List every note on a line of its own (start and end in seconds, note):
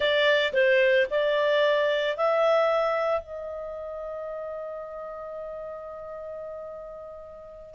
0.00 0.52 D5
0.53 1.06 C5
1.10 2.16 D5
2.16 3.21 E5
3.21 7.74 D#5